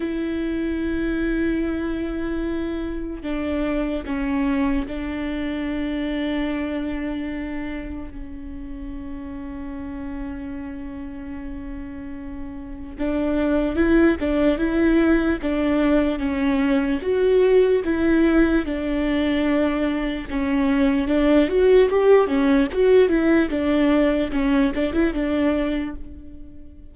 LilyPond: \new Staff \with { instrumentName = "viola" } { \time 4/4 \tempo 4 = 74 e'1 | d'4 cis'4 d'2~ | d'2 cis'2~ | cis'1 |
d'4 e'8 d'8 e'4 d'4 | cis'4 fis'4 e'4 d'4~ | d'4 cis'4 d'8 fis'8 g'8 cis'8 | fis'8 e'8 d'4 cis'8 d'16 e'16 d'4 | }